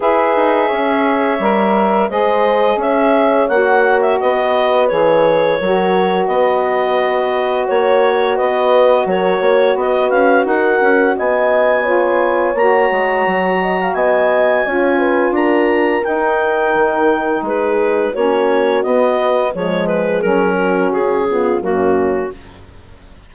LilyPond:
<<
  \new Staff \with { instrumentName = "clarinet" } { \time 4/4 \tempo 4 = 86 e''2. dis''4 | e''4 fis''8. e''16 dis''4 cis''4~ | cis''4 dis''2 cis''4 | dis''4 cis''4 dis''8 f''8 fis''4 |
gis''2 ais''2 | gis''2 ais''4 g''4~ | g''4 b'4 cis''4 dis''4 | cis''8 b'8 ais'4 gis'4 fis'4 | }
  \new Staff \with { instrumentName = "horn" } { \time 4/4 b'4 cis''2 c''4 | cis''2 b'2 | ais'4 b'2 cis''4 | b'4 ais'8 cis''8 b'4 ais'4 |
dis''4 cis''2~ cis''8 dis''16 f''16 | dis''4 cis''8 b'8 ais'2~ | ais'4 gis'4 fis'2 | gis'4. fis'4 f'8 cis'4 | }
  \new Staff \with { instrumentName = "saxophone" } { \time 4/4 gis'2 ais'4 gis'4~ | gis'4 fis'2 gis'4 | fis'1~ | fis'1~ |
fis'4 f'4 fis'2~ | fis'4 f'2 dis'4~ | dis'2 cis'4 b4 | gis4 cis'4. b8 ais4 | }
  \new Staff \with { instrumentName = "bassoon" } { \time 4/4 e'8 dis'8 cis'4 g4 gis4 | cis'4 ais4 b4 e4 | fis4 b2 ais4 | b4 fis8 ais8 b8 cis'8 dis'8 cis'8 |
b2 ais8 gis8 fis4 | b4 cis'4 d'4 dis'4 | dis4 gis4 ais4 b4 | f4 fis4 cis4 fis,4 | }
>>